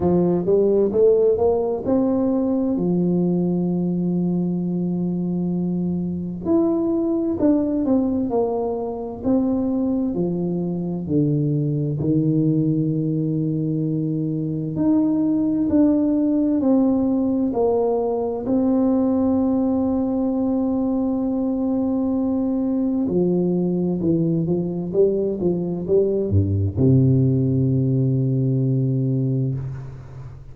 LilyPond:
\new Staff \with { instrumentName = "tuba" } { \time 4/4 \tempo 4 = 65 f8 g8 a8 ais8 c'4 f4~ | f2. e'4 | d'8 c'8 ais4 c'4 f4 | d4 dis2. |
dis'4 d'4 c'4 ais4 | c'1~ | c'4 f4 e8 f8 g8 f8 | g8 g,8 c2. | }